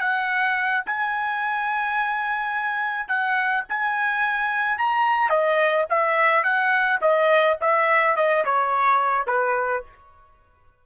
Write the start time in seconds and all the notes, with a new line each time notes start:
0.00 F#5
0.86 G#5
3.08 F#5
3.69 G#5
4.78 A#5
5.29 D#5
5.90 E5
6.43 F#5
7.01 D#5
7.61 E5
8.16 D#5
8.45 C#5
9.27 B4